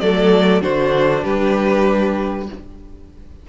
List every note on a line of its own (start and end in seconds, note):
0.00 0.62 F#3
0.00 0.61 A3
0.00 0.63 A4
0.00 0.62 D5
0.61 1.24 D3
0.61 2.47 D4
0.61 1.23 F#4
0.61 1.24 C5
1.23 2.49 G3
1.23 2.47 G4
1.23 2.48 B4